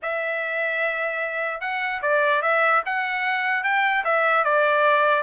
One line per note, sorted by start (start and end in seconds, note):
0.02 1.60 E5
1.60 2.01 F#5
2.02 2.42 D5
2.42 2.82 E5
2.85 3.63 F#5
3.63 4.04 G5
4.04 4.44 E5
4.44 5.23 D5